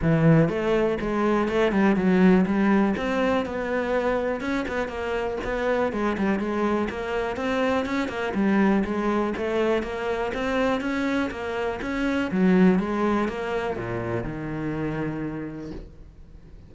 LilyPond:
\new Staff \with { instrumentName = "cello" } { \time 4/4 \tempo 4 = 122 e4 a4 gis4 a8 g8 | fis4 g4 c'4 b4~ | b4 cis'8 b8 ais4 b4 | gis8 g8 gis4 ais4 c'4 |
cis'8 ais8 g4 gis4 a4 | ais4 c'4 cis'4 ais4 | cis'4 fis4 gis4 ais4 | ais,4 dis2. | }